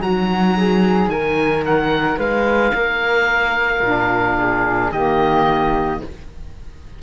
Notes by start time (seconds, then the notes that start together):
0.00 F#3 D#4 F#4 A#5
0.57 G#4
1.07 D#3 A#4 G#5
1.65 F#5
2.17 G#3 B4 F5
2.74 A#3 A#4
3.80 A#2 D4
4.38 G#4
4.91 D#3 A#3 G4 D#5